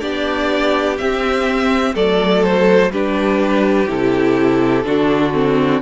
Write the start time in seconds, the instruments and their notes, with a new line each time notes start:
0.00 cello B3, viola D4, violin G4 D5
0.98 viola C4, cello C4, violin E5
1.95 cello F#3, viola A3, violin A4 D5
2.43 violin C5
2.91 cello G3, viola D4, violin G4 B4
3.87 cello C3, viola E4, violin A4
4.84 cello D3, viola D4, violin F#4
5.34 viola C4